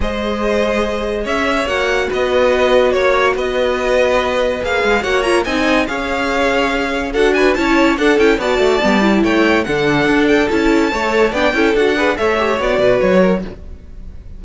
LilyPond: <<
  \new Staff \with { instrumentName = "violin" } { \time 4/4 \tempo 4 = 143 dis''2. e''4 | fis''4 dis''2 cis''4 | dis''2. f''4 | fis''8 ais''8 gis''4 f''2~ |
f''4 fis''8 gis''8 a''4 fis''8 g''8 | a''2 g''4 fis''4~ | fis''8 g''8 a''2 g''4 | fis''4 e''4 d''4 cis''4 | }
  \new Staff \with { instrumentName = "violin" } { \time 4/4 c''2. cis''4~ | cis''4 b'2 cis''4 | b'1 | cis''4 dis''4 cis''2~ |
cis''4 a'8 b'8 cis''4 a'4 | d''2 cis''4 a'4~ | a'2 cis''4 d''8 a'8~ | a'8 b'8 cis''4. b'4 ais'8 | }
  \new Staff \with { instrumentName = "viola" } { \time 4/4 gis'1 | fis'1~ | fis'2. gis'4 | fis'8 f'8 dis'4 gis'2~ |
gis'4 fis'4 e'4 d'8 e'8 | fis'4 b8 e'4. d'4~ | d'4 e'4 a'4 d'8 e'8 | fis'8 gis'8 a'8 g'8 fis'2 | }
  \new Staff \with { instrumentName = "cello" } { \time 4/4 gis2. cis'4 | ais4 b2 ais4 | b2. ais8 gis8 | ais4 c'4 cis'2~ |
cis'4 d'4 cis'4 d'8 cis'8 | b8 a8 g4 a4 d4 | d'4 cis'4 a4 b8 cis'8 | d'4 a4 b8 b,8 fis4 | }
>>